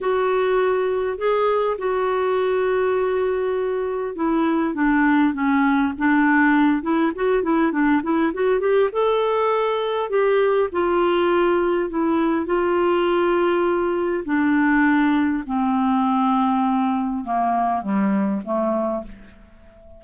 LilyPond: \new Staff \with { instrumentName = "clarinet" } { \time 4/4 \tempo 4 = 101 fis'2 gis'4 fis'4~ | fis'2. e'4 | d'4 cis'4 d'4. e'8 | fis'8 e'8 d'8 e'8 fis'8 g'8 a'4~ |
a'4 g'4 f'2 | e'4 f'2. | d'2 c'2~ | c'4 ais4 g4 a4 | }